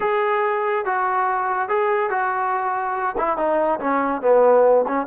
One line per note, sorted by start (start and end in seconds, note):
0.00 0.85 G#4
0.85 1.68 F#4
1.68 2.10 G#4
2.10 3.15 F#4
3.17 3.37 E4
3.37 3.79 D#4
3.80 4.21 C#4
4.21 4.85 B3
4.87 5.06 C#4